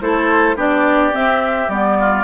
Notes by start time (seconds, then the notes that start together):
0.00 A3 E4 A4 C5
0.55 B3 D4 G4 D5
1.12 C4 E5
1.68 G3 B3 D5
1.99 F4